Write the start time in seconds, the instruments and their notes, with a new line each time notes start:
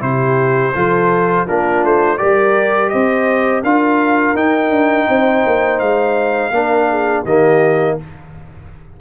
0.00 tuba C3, trombone E4, horn G4, trumpet C5
0.75 tuba F3, trombone F4, horn A4
1.46 tuba A#3, trombone D4, horn F4, trumpet A#4
1.84 tuba A3, trumpet C5
2.18 tuba G3, trombone G4, horn A#4, trumpet D5
2.89 tuba C4, horn C5, trumpet D#5
3.63 tuba D4, trombone F4, horn A#4, trumpet F5
4.35 tuba D#4, trombone D#4, trumpet G5
4.70 tuba D4
5.07 tuba C4, horn C5
5.46 tuba A#3
5.79 tuba G#3, trumpet F5
6.51 tuba A#3, trombone D4, horn A#4
6.90 horn G#4
7.24 tuba D#3, trombone A#3, horn G4, trumpet D#5